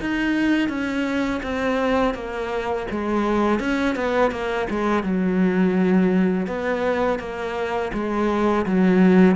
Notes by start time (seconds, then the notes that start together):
0.00 D#4
0.68 C#4
1.43 C4
2.15 A#3
2.90 G#3
3.59 C#4
3.95 B3
4.31 A#3
4.70 G#3
5.03 F#3
6.47 B3
7.19 A#3
7.93 G#3
8.66 F#3